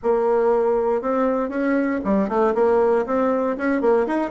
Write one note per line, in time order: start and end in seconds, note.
0.02 1.01 A#3
1.01 1.49 C4
1.49 2.00 C#4
2.04 2.28 G3
2.28 2.54 A3
2.54 3.05 A#3
3.05 3.56 C4
3.57 3.81 C#4
3.81 4.06 A#3
4.07 4.30 D#4